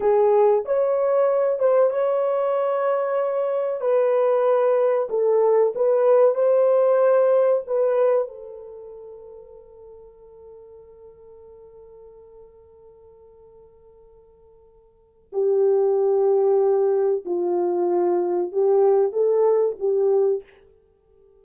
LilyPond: \new Staff \with { instrumentName = "horn" } { \time 4/4 \tempo 4 = 94 gis'4 cis''4. c''8 cis''4~ | cis''2 b'2 | a'4 b'4 c''2 | b'4 a'2.~ |
a'1~ | a'1 | g'2. f'4~ | f'4 g'4 a'4 g'4 | }